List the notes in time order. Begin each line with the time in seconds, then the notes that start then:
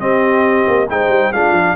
0.00 C4 G4 D#5
0.68 A#3
0.89 G#3 D#4 C5 G5
1.08 G3
1.32 G#3 D4 F4 F5
1.52 F3